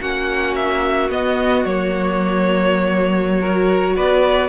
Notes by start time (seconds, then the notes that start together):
0.00 A#3 C#4 F#4 F#5
0.55 E5
1.09 B3 D#5
1.65 F#3 A#3 C#5
3.40 F#4 A#4
3.95 B3 B4 D5